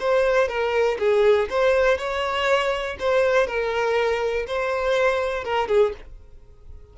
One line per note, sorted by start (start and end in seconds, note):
0.00 0.48 C5
0.48 0.98 A#4
0.99 1.49 G#4
1.50 1.98 C5
1.98 2.97 C#5
3.00 3.47 C5
3.47 4.47 A#4
4.47 5.44 C5
5.44 5.68 A#4
5.68 5.93 G#4